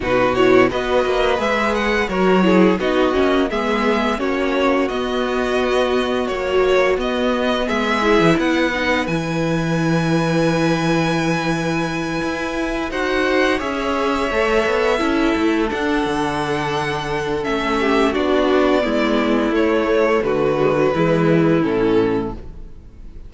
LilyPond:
<<
  \new Staff \with { instrumentName = "violin" } { \time 4/4 \tempo 4 = 86 b'8 cis''8 dis''4 e''8 fis''8 cis''4 | dis''4 e''4 cis''4 dis''4~ | dis''4 cis''4 dis''4 e''4 | fis''4 gis''2.~ |
gis''2~ gis''8 fis''4 e''8~ | e''2~ e''8 fis''4.~ | fis''4 e''4 d''2 | cis''4 b'2 a'4 | }
  \new Staff \with { instrumentName = "violin" } { \time 4/4 fis'4 b'2 ais'8 gis'8 | fis'4 gis'4 fis'2~ | fis'2. gis'4 | b'1~ |
b'2~ b'8 c''4 cis''8~ | cis''4. a'2~ a'8~ | a'4. g'8 fis'4 e'4~ | e'4 fis'4 e'2 | }
  \new Staff \with { instrumentName = "viola" } { \time 4/4 dis'8 e'8 fis'4 gis'4 fis'8 e'8 | dis'8 cis'8 b4 cis'4 b4~ | b4 fis4 b4. e'8~ | e'8 dis'8 e'2.~ |
e'2~ e'8 fis'4 gis'8~ | gis'8 a'4 e'4 d'4.~ | d'4 cis'4 d'4 b4 | a4. gis16 fis16 gis4 cis'4 | }
  \new Staff \with { instrumentName = "cello" } { \time 4/4 b,4 b8 ais8 gis4 fis4 | b8 ais8 gis4 ais4 b4~ | b4 ais4 b4 gis8. e16 | b4 e2.~ |
e4. e'4 dis'4 cis'8~ | cis'8 a8 b8 cis'8 a8 d'8 d4~ | d4 a4 b4 gis4 | a4 d4 e4 a,4 | }
>>